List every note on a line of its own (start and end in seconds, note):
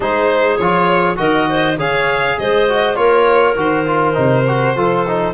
0.00 0.57 G#3
0.00 0.59 D#4
0.00 1.19 G#4
0.00 0.57 C5
0.57 1.18 F3
0.57 1.16 F4
0.57 1.16 C#5
1.16 1.77 D#3
1.16 1.75 F#4
1.16 1.48 A#4
1.16 1.77 D#5
1.49 1.79 C5
1.77 2.36 C#3
1.77 2.68 G#4
1.77 2.38 C#5
1.77 2.38 F5
2.38 2.97 G#3
2.38 2.98 C5
2.38 2.95 D#5
2.68 2.95 F#4
2.95 3.56 A#3
2.95 3.55 F4
2.95 4.75 A#4
2.95 3.54 C#5
3.56 4.15 D#3
3.56 3.85 F#4
3.56 5.33 C5
3.86 4.14 F4
4.14 4.75 C3
4.14 4.43 D#4
4.47 4.76 F#4
4.75 5.33 F3
4.75 5.06 F4
4.75 5.33 A4
5.07 5.33 D#4